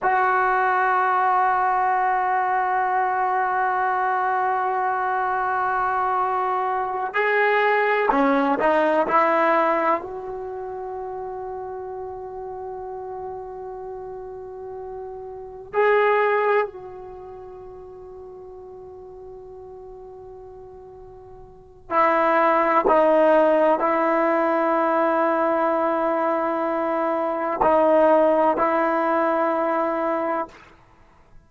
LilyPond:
\new Staff \with { instrumentName = "trombone" } { \time 4/4 \tempo 4 = 63 fis'1~ | fis'2.~ fis'8 gis'8~ | gis'8 cis'8 dis'8 e'4 fis'4.~ | fis'1~ |
fis'8 gis'4 fis'2~ fis'8~ | fis'2. e'4 | dis'4 e'2.~ | e'4 dis'4 e'2 | }